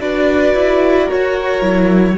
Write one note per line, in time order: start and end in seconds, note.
0.00 0.54 D4
0.00 1.61 F#4
0.00 1.05 B4
0.00 1.10 D5
0.54 1.08 E4
1.05 2.14 A#4
1.05 2.18 C#5
1.12 1.61 F#4
1.61 2.16 F#3
1.61 2.16 E4